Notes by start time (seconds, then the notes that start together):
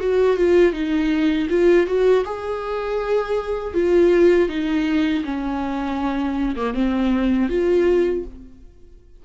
0.00 F#4
0.37 F4
0.73 D#4
1.49 F4
1.87 F#4
2.25 G#4
3.74 F4
4.49 D#4
5.24 C#4
6.56 A#3
6.74 C4
7.49 F4